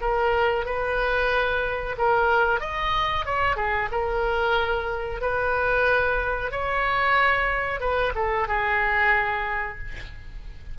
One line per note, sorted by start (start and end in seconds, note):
0.00 0.65 A#4
0.65 1.95 B4
1.97 2.60 A#4
2.60 3.25 D#5
3.25 3.56 C#5
3.56 3.88 G#4
3.91 5.21 A#4
5.21 6.51 B4
6.51 7.80 C#5
7.80 8.12 B4
8.15 8.47 A4
8.47 9.78 G#4